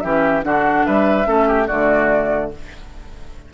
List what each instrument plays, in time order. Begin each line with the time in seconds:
0.00 bassoon E3, clarinet C#4, oboe G4, flute E5
0.42 bassoon D3, clarinet D4, oboe F#4, flute F#5
0.85 bassoon G3, oboe B4, flute E5
1.25 bassoon A3, clarinet C#4, oboe A4
1.48 oboe G4
1.67 bassoon D3, clarinet A3, oboe F#4, flute D5